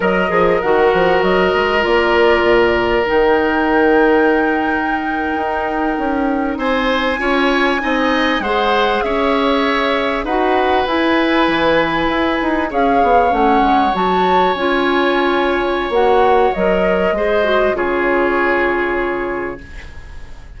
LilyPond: <<
  \new Staff \with { instrumentName = "flute" } { \time 4/4 \tempo 4 = 98 dis''4 fis''4 dis''4 d''4~ | d''4 g''2.~ | g''2~ g''8. gis''4~ gis''16~ | gis''4.~ gis''16 fis''4 e''4~ e''16~ |
e''8. fis''4 gis''2~ gis''16~ | gis''8. f''4 fis''4 a''4 gis''16~ | gis''2 fis''4 dis''4~ | dis''4 cis''2. | }
  \new Staff \with { instrumentName = "oboe" } { \time 4/4 ais'1~ | ais'1~ | ais'2~ ais'8. c''4 cis''16~ | cis''8. dis''4 c''4 cis''4~ cis''16~ |
cis''8. b'2.~ b'16~ | b'8. cis''2.~ cis''16~ | cis''1 | c''4 gis'2. | }
  \new Staff \with { instrumentName = "clarinet" } { \time 4/4 ais'8 gis'8 fis'2 f'4~ | f'4 dis'2.~ | dis'2.~ dis'8. f'16~ | f'8. dis'4 gis'2~ gis'16~ |
gis'8. fis'4 e'2~ e'16~ | e'8. gis'4 cis'4 fis'4 f'16~ | f'2 fis'4 ais'4 | gis'8 fis'8 f'2. | }
  \new Staff \with { instrumentName = "bassoon" } { \time 4/4 fis8 f8 dis8 f8 fis8 gis8 ais4 | ais,4 dis2.~ | dis8. dis'4 cis'4 c'4 cis'16~ | cis'8. c'4 gis4 cis'4~ cis'16~ |
cis'8. dis'4 e'4 e4 e'16~ | e'16 dis'8 cis'8 b8 a8 gis8 fis4 cis'16~ | cis'2 ais4 fis4 | gis4 cis2. | }
>>